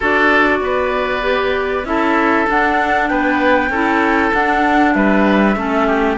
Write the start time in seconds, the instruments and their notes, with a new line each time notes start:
0.00 cello D4, clarinet F#4, oboe A4, flute D5
0.60 cello B3, oboe B4
1.22 clarinet G4
1.84 cello C#4, clarinet E4, oboe A4, flute E5
2.47 clarinet D4, cello D4, flute F#5
3.08 cello B3, oboe B4, flute G5
3.69 cello C#4, clarinet E4, oboe A4
4.32 clarinet D4, cello D4, flute F#5
4.93 cello G3, oboe B4, flute E5
5.55 cello A3, clarinet C#4, oboe A4
5.87 oboe G4